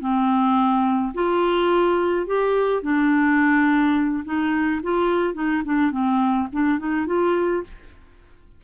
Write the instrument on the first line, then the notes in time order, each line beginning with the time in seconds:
clarinet
0.00 C4
1.14 F4
2.27 G4
2.83 D4
4.25 D#4
4.83 F4
5.34 D#4
5.65 D4
5.92 C4
6.52 D4
6.79 D#4
7.07 F4